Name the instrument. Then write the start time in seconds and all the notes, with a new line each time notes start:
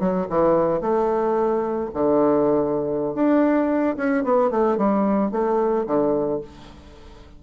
bassoon
0.00 F#3
0.29 E3
0.81 A3
1.94 D3
3.15 D4
3.97 C#4
4.24 B3
4.51 A3
4.77 G3
5.32 A3
5.87 D3